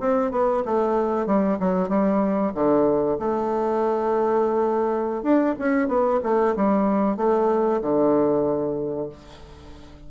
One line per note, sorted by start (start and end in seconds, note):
0.00 0.31 C4
0.31 0.63 B3
0.65 1.26 A3
1.26 1.58 G3
1.60 1.89 F#3
1.89 2.52 G3
2.54 3.18 D3
3.19 5.23 A3
5.23 5.54 D4
5.59 5.88 C#4
5.88 6.20 B3
6.23 6.55 A3
6.56 7.17 G3
7.17 7.80 A3
7.81 9.09 D3